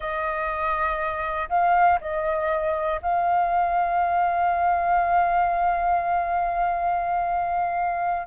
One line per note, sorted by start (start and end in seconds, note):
0.00 1.48 D#5
1.49 1.99 F5
2.00 3.00 D#5
3.02 8.26 F5